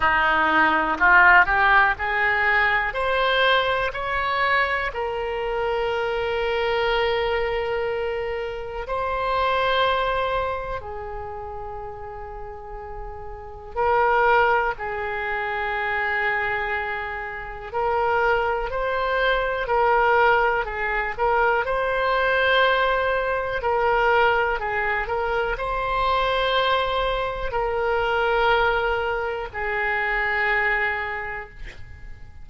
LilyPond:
\new Staff \with { instrumentName = "oboe" } { \time 4/4 \tempo 4 = 61 dis'4 f'8 g'8 gis'4 c''4 | cis''4 ais'2.~ | ais'4 c''2 gis'4~ | gis'2 ais'4 gis'4~ |
gis'2 ais'4 c''4 | ais'4 gis'8 ais'8 c''2 | ais'4 gis'8 ais'8 c''2 | ais'2 gis'2 | }